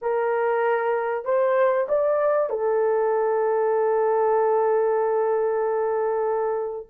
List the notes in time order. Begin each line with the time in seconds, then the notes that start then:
0.01 A#4
1.24 C5
1.88 D5
2.49 A4